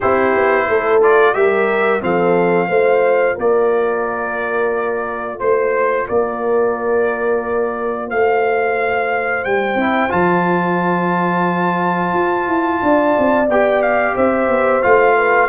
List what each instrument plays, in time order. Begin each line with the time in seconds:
0.00 tuba C4, trombone E4, horn G4, trumpet C5
0.35 tuba B3
0.67 tuba A3, horn A4
1.01 trombone F4, trumpet D5
1.33 tuba G3, trombone G4, horn A#4, trumpet E5
2.01 tuba F3, trombone C4, horn A4, trumpet F5
2.67 tuba A3, trombone F4, horn C5
3.35 tuba A#3, horn A#4, trumpet D5
5.39 tuba A3, horn C5, trumpet C5
6.08 tuba A#3, horn A#4, trumpet D5
8.05 tuba A3, horn C5, trumpet F5
9.44 tuba G3, trumpet G5
9.74 tuba C4, trombone E4
10.09 tuba F3, trombone F4, trumpet A5
12.13 tuba F4
12.46 tuba E4
12.82 tuba D4, horn D5
13.18 tuba C4
13.48 tuba B3, trombone G4, trumpet G5
13.81 trumpet F5
14.14 tuba C4, horn C5, trumpet E5
14.48 tuba B3
14.82 tuba A3, trombone F4, trumpet F5
15.17 horn B4